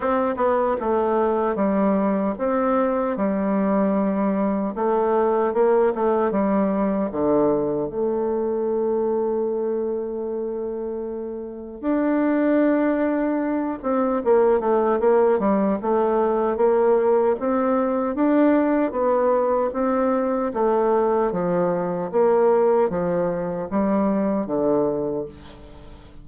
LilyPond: \new Staff \with { instrumentName = "bassoon" } { \time 4/4 \tempo 4 = 76 c'8 b8 a4 g4 c'4 | g2 a4 ais8 a8 | g4 d4 a2~ | a2. d'4~ |
d'4. c'8 ais8 a8 ais8 g8 | a4 ais4 c'4 d'4 | b4 c'4 a4 f4 | ais4 f4 g4 d4 | }